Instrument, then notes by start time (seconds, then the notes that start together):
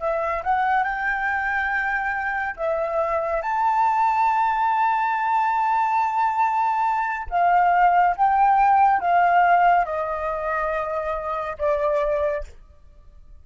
flute
0.00 E5
0.44 F#5
0.84 G5
2.56 E5
3.42 A5
7.30 F5
8.16 G5
9.00 F5
9.85 D#5
11.58 D5